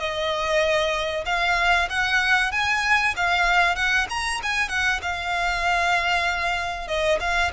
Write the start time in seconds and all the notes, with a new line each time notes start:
0.00 D#5
1.26 F5
1.90 F#5
2.52 G#5
3.16 F5
3.76 F#5
4.10 A#5
4.43 G#5
4.69 F#5
5.02 F5
6.88 D#5
7.20 F5